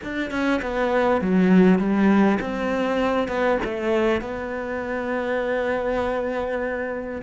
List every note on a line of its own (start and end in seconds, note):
0.03 0.30 D4
0.30 0.60 C#4
0.62 1.21 B3
1.21 1.78 F#3
1.78 2.38 G3
2.40 3.28 C4
3.28 3.58 B3
3.64 4.21 A3
4.21 7.21 B3